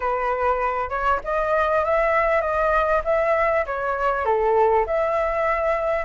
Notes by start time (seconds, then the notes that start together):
0.00 B4
0.89 C#5
1.24 D#5
1.84 E5
2.41 D#5
3.04 E5
3.66 C#5
4.25 A4
4.86 E5